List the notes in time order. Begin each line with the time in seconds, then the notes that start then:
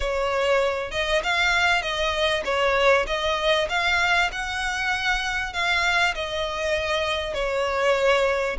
0.00 C#5
0.91 D#5
1.23 F5
1.82 D#5
2.44 C#5
3.06 D#5
3.69 F5
4.32 F#5
5.53 F5
6.14 D#5
7.34 C#5